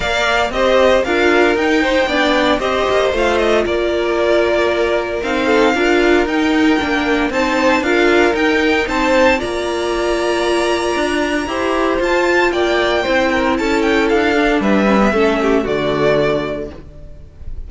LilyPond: <<
  \new Staff \with { instrumentName = "violin" } { \time 4/4 \tempo 4 = 115 f''4 dis''4 f''4 g''4~ | g''4 dis''4 f''8 dis''8 d''4~ | d''2 f''2 | g''2 a''4 f''4 |
g''4 a''4 ais''2~ | ais''2. a''4 | g''2 a''8 g''8 f''4 | e''2 d''2 | }
  \new Staff \with { instrumentName = "violin" } { \time 4/4 d''4 c''4 ais'4. c''8 | d''4 c''2 ais'4~ | ais'2~ ais'8 a'8 ais'4~ | ais'2 c''4 ais'4~ |
ais'4 c''4 d''2~ | d''2 c''2 | d''4 c''8 ais'8 a'2 | b'4 a'8 g'8 fis'2 | }
  \new Staff \with { instrumentName = "viola" } { \time 4/4 ais'4 g'4 f'4 dis'4 | d'4 g'4 f'2~ | f'2 dis'4 f'4 | dis'4 d'4 dis'4 f'4 |
dis'2 f'2~ | f'2 g'4 f'4~ | f'4 e'2~ e'8 d'8~ | d'8 cis'16 b16 cis'4 a2 | }
  \new Staff \with { instrumentName = "cello" } { \time 4/4 ais4 c'4 d'4 dis'4 | b4 c'8 ais8 a4 ais4~ | ais2 c'4 d'4 | dis'4 ais4 c'4 d'4 |
dis'4 c'4 ais2~ | ais4 d'4 e'4 f'4 | ais4 c'4 cis'4 d'4 | g4 a4 d2 | }
>>